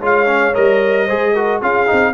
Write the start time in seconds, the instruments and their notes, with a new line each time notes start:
0.00 tuba G#3, trombone F4, horn C#5, trumpet F5
0.27 trombone C#4
0.54 tuba G3, trombone A#4, trumpet D#5
1.06 tuba G#3, trombone G#4, horn C5
1.34 trombone F#4, horn A#4
1.60 tuba C#4, trombone F4, horn G#4, trumpet F5
1.87 tuba C4, trombone D#4